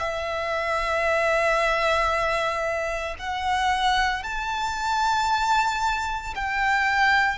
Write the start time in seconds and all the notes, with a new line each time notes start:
0.00 E5
3.19 F#5
4.23 A5
6.35 G5